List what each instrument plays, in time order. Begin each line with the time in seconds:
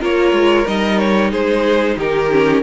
0.00 cello A#3, viola F4, violin A#4 C#5
0.32 cello G#3
0.66 cello G3, viola D#4, violin D#5
0.98 violin C#5
1.30 cello G#3, violin G#4 C5
1.97 cello D#3, violin G4 A#4
2.30 viola C#4